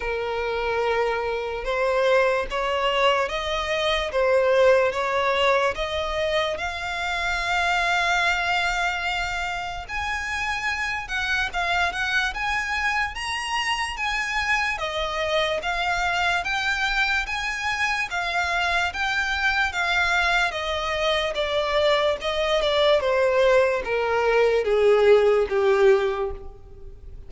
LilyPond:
\new Staff \with { instrumentName = "violin" } { \time 4/4 \tempo 4 = 73 ais'2 c''4 cis''4 | dis''4 c''4 cis''4 dis''4 | f''1 | gis''4. fis''8 f''8 fis''8 gis''4 |
ais''4 gis''4 dis''4 f''4 | g''4 gis''4 f''4 g''4 | f''4 dis''4 d''4 dis''8 d''8 | c''4 ais'4 gis'4 g'4 | }